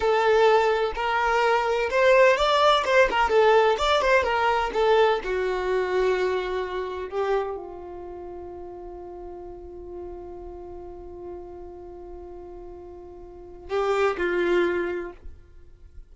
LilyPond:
\new Staff \with { instrumentName = "violin" } { \time 4/4 \tempo 4 = 127 a'2 ais'2 | c''4 d''4 c''8 ais'8 a'4 | d''8 c''8 ais'4 a'4 fis'4~ | fis'2. g'4 |
f'1~ | f'1~ | f'1~ | f'4 g'4 f'2 | }